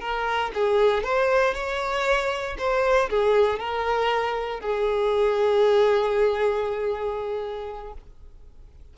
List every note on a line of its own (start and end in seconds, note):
0.00 0.51 A#4
0.54 1.03 G#4
1.03 1.54 C5
1.54 2.56 C#5
2.58 3.09 C5
3.10 3.59 G#4
3.59 4.60 A#4
4.60 7.93 G#4